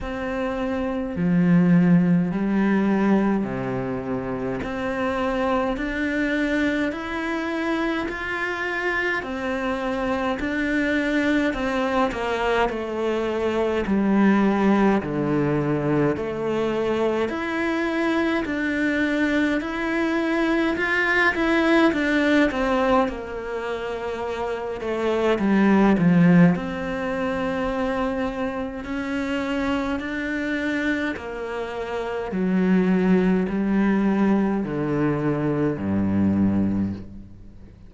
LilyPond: \new Staff \with { instrumentName = "cello" } { \time 4/4 \tempo 4 = 52 c'4 f4 g4 c4 | c'4 d'4 e'4 f'4 | c'4 d'4 c'8 ais8 a4 | g4 d4 a4 e'4 |
d'4 e'4 f'8 e'8 d'8 c'8 | ais4. a8 g8 f8 c'4~ | c'4 cis'4 d'4 ais4 | fis4 g4 d4 g,4 | }